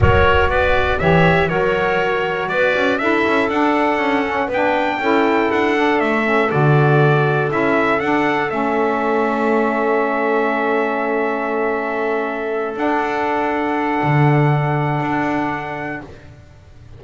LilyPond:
<<
  \new Staff \with { instrumentName = "trumpet" } { \time 4/4 \tempo 4 = 120 cis''4 d''4 e''4 cis''4~ | cis''4 d''4 e''4 fis''4~ | fis''4 g''2 fis''4 | e''4 d''2 e''4 |
fis''4 e''2.~ | e''1~ | e''4. fis''2~ fis''8~ | fis''1 | }
  \new Staff \with { instrumentName = "clarinet" } { \time 4/4 ais'4 b'4 cis''4 ais'4~ | ais'4 b'4 a'2~ | a'4 b'4 a'2~ | a'1~ |
a'1~ | a'1~ | a'1~ | a'1 | }
  \new Staff \with { instrumentName = "saxophone" } { \time 4/4 fis'2 g'4 fis'4~ | fis'2 e'4 d'4~ | d'8 cis'8 d'4 e'4. d'8~ | d'8 cis'8 fis'2 e'4 |
d'4 cis'2.~ | cis'1~ | cis'4. d'2~ d'8~ | d'1 | }
  \new Staff \with { instrumentName = "double bass" } { \time 4/4 fis4 b4 e4 fis4~ | fis4 b8 cis'8 d'8 cis'8 d'4 | cis'4 b4 cis'4 d'4 | a4 d2 cis'4 |
d'4 a2.~ | a1~ | a4. d'2~ d'8 | d2 d'2 | }
>>